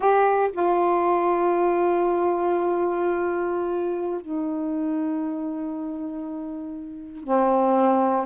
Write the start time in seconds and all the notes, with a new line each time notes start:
0.00 G4
0.52 F4
4.21 D#4
7.24 C4